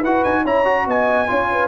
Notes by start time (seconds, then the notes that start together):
0.00 E4 B4 F#5
0.06 F#4
0.24 D#4 G#5
0.43 C#4 E4 C#5 A#5
0.65 F#4
0.88 B3 D#5 G#5
1.28 C#4 F4 C#5
1.52 B4